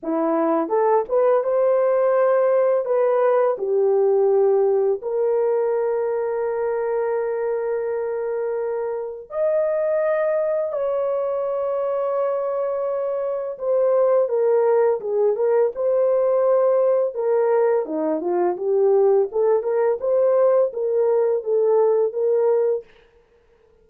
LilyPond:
\new Staff \with { instrumentName = "horn" } { \time 4/4 \tempo 4 = 84 e'4 a'8 b'8 c''2 | b'4 g'2 ais'4~ | ais'1~ | ais'4 dis''2 cis''4~ |
cis''2. c''4 | ais'4 gis'8 ais'8 c''2 | ais'4 dis'8 f'8 g'4 a'8 ais'8 | c''4 ais'4 a'4 ais'4 | }